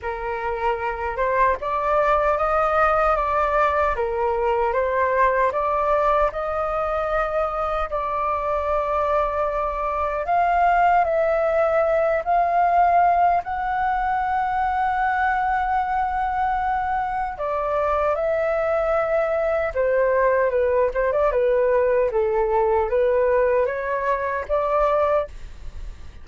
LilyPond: \new Staff \with { instrumentName = "flute" } { \time 4/4 \tempo 4 = 76 ais'4. c''8 d''4 dis''4 | d''4 ais'4 c''4 d''4 | dis''2 d''2~ | d''4 f''4 e''4. f''8~ |
f''4 fis''2.~ | fis''2 d''4 e''4~ | e''4 c''4 b'8 c''16 d''16 b'4 | a'4 b'4 cis''4 d''4 | }